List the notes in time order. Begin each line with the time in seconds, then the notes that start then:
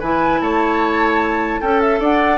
0.00 E3 E4 B4 G#5
0.41 A3 C#5 A5
1.61 C#4 A4 G5
1.81 E5
2.00 D4 D5 F#5